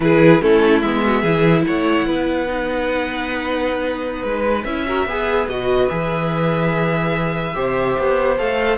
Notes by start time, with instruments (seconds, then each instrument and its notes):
0.00 cello E3, viola E4, violin G#4 B4
0.41 cello A3, viola C#4, violin E4 A4
0.81 cello G#3, viola B3, violin E5
1.04 violin F#4
1.21 cello E3, viola E4, violin G#4
1.66 cello A3, violin C#5 F#5
2.06 cello B3, violin B4
2.47 viola D#4
4.22 cello G#3, violin B4
4.64 cello C#4, viola E4, violin E5
4.86 viola F#4, violin A#4
5.05 cello B3, viola G#4, violin B4
5.47 cello B2, viola F#4, violin D#5
5.89 cello E3, viola G#4, violin E5
7.54 cello C3, viola G4, violin C5
7.98 cello B3
8.38 cello A3, viola A4, violin F5